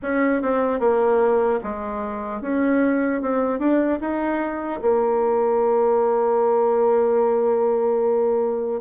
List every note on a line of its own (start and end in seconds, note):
0.02 0.41 C#4
0.41 0.79 C4
0.79 1.59 A#3
1.63 2.41 G#3
2.41 3.21 C#4
3.21 3.59 C4
3.59 3.99 D4
4.00 4.80 D#4
4.81 8.80 A#3